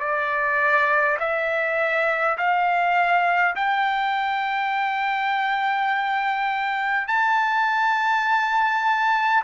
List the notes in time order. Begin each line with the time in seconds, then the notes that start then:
0.00 D5
1.20 E5
2.38 F5
3.56 G5
7.08 A5